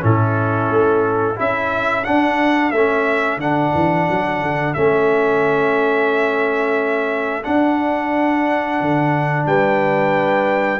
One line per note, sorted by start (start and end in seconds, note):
0.00 0.69 A2
0.00 1.35 C#4
0.00 1.38 E4
0.00 1.39 A4
0.69 1.37 A3
1.36 2.06 C#4
1.36 2.03 E4
1.36 9.47 A4
1.36 2.04 E5
2.04 2.73 D4
2.04 2.71 D4
2.04 2.71 F#5
2.71 3.37 A3
2.71 3.41 C#4
2.71 3.38 E5
3.37 3.71 D3
3.37 4.75 D4
3.37 4.74 F#5
3.75 4.08 E3
4.10 4.42 F#3
4.42 4.76 D3
4.74 7.46 A3
4.74 7.43 C#4
4.74 7.44 E5
7.43 10.80 D4
7.43 8.80 D4
7.43 9.46 F#5
8.80 9.46 D3
9.46 10.80 G3
9.46 10.80 B4
9.46 10.80 G5